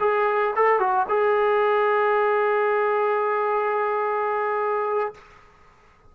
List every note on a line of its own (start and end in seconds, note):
0.00 0.54 G#4
0.56 0.79 A4
0.79 1.06 F#4
1.09 5.14 G#4